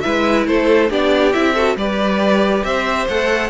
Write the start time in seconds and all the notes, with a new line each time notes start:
0.00 G#3 E4 B4 E5
0.46 A3 A4 C5
0.89 B3 D4 G4 D5
1.32 C4 E4 E5
1.54 F#4 A4
1.76 G3 G4 B4 D5
2.63 C4 C5 E5
3.08 A3 A4 F#5